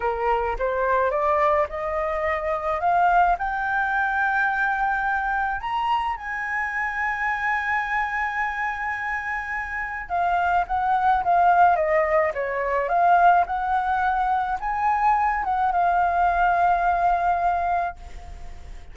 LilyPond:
\new Staff \with { instrumentName = "flute" } { \time 4/4 \tempo 4 = 107 ais'4 c''4 d''4 dis''4~ | dis''4 f''4 g''2~ | g''2 ais''4 gis''4~ | gis''1~ |
gis''2 f''4 fis''4 | f''4 dis''4 cis''4 f''4 | fis''2 gis''4. fis''8 | f''1 | }